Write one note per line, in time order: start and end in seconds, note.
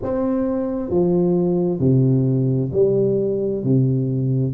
0.02 0.90 C4
0.90 1.79 F3
1.79 2.70 C3
2.72 3.63 G3
3.63 4.54 C3